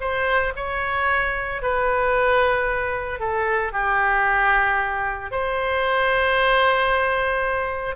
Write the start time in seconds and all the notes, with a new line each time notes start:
0.00 C5
0.56 C#5
1.62 B4
3.20 A4
3.72 G4
5.31 C5